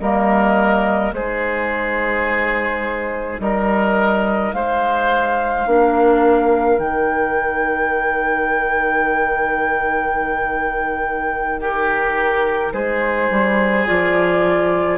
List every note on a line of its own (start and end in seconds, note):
0.00 1.12 G3
0.00 1.15 A#3
0.00 1.15 A#4
0.00 1.13 D#5
1.12 3.39 G#3
1.12 5.67 D#4
1.12 3.42 G#4
1.12 3.40 C5
3.40 4.53 G3
3.40 4.55 A#4
3.40 4.53 D#5
4.53 5.67 G#3
4.53 5.68 C5
4.53 6.80 F5
5.67 6.78 A#3
5.67 6.80 D4
5.67 11.60 A#4
6.78 12.73 D#3
6.78 13.86 D#4
6.78 11.61 G5
11.60 12.73 G4
11.60 12.73 A#4
12.73 13.30 G#3
12.73 14.98 G#4
12.73 13.87 C5
13.30 13.87 G3
13.86 14.98 F3
13.86 14.98 F4
13.86 14.98 D5